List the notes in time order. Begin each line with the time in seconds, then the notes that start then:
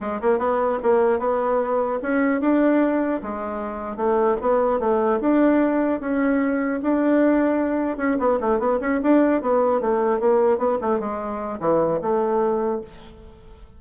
0.01 G#3
0.21 A#3
0.39 B3
0.83 A#3
1.19 B3
2.02 C#4
2.41 D4
3.22 G#3
3.96 A3
4.41 B3
4.79 A3
5.20 D4
6.00 C#4
6.82 D4
7.97 C#4
8.19 B3
8.40 A3
8.59 B3
8.80 C#4
9.02 D4
9.41 B3
9.81 A3
10.20 A#3
10.58 B3
10.81 A3
10.99 G#3
11.60 E3
12.01 A3